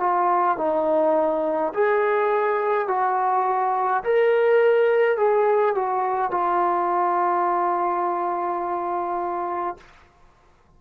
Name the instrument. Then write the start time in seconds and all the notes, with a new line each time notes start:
trombone
0.00 F4
0.58 D#4
1.74 G#4
2.88 F#4
4.04 A#4
5.18 G#4
5.75 F#4
6.31 F4